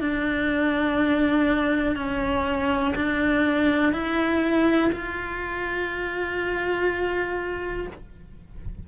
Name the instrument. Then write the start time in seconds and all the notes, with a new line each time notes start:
cello
0.00 D4
1.96 C#4
2.96 D4
3.93 E4
4.92 F4